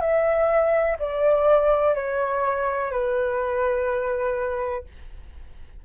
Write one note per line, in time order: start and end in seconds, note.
0.00 0.97 E5
0.99 1.94 D5
1.94 2.91 C#5
2.91 4.84 B4